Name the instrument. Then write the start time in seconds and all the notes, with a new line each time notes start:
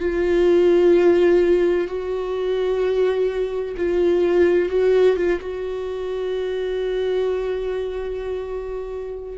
viola
0.00 F4
1.87 F#4
3.77 F4
4.69 F#4
5.16 F4
5.40 F#4